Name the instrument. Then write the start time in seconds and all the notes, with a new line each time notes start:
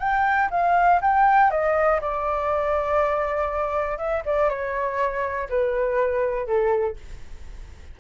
flute
0.00 G5
0.51 F5
1.02 G5
1.51 D#5
2.01 D5
3.98 E5
4.26 D5
4.50 C#5
5.50 B4
6.47 A4